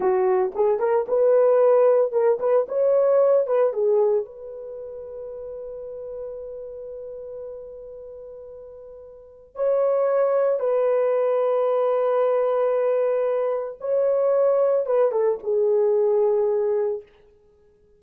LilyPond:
\new Staff \with { instrumentName = "horn" } { \time 4/4 \tempo 4 = 113 fis'4 gis'8 ais'8 b'2 | ais'8 b'8 cis''4. b'8 gis'4 | b'1~ | b'1~ |
b'2 cis''2 | b'1~ | b'2 cis''2 | b'8 a'8 gis'2. | }